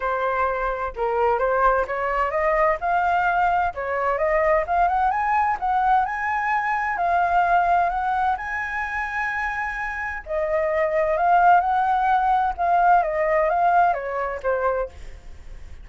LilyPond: \new Staff \with { instrumentName = "flute" } { \time 4/4 \tempo 4 = 129 c''2 ais'4 c''4 | cis''4 dis''4 f''2 | cis''4 dis''4 f''8 fis''8 gis''4 | fis''4 gis''2 f''4~ |
f''4 fis''4 gis''2~ | gis''2 dis''2 | f''4 fis''2 f''4 | dis''4 f''4 cis''4 c''4 | }